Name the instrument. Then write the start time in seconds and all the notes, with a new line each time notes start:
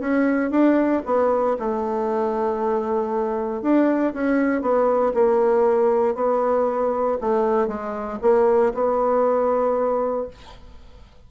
bassoon
0.00 C#4
0.51 D4
1.06 B3
1.59 A3
3.62 D4
4.14 C#4
4.62 B3
5.14 A#3
6.15 B3
7.21 A3
7.68 G#3
8.22 A#3
8.74 B3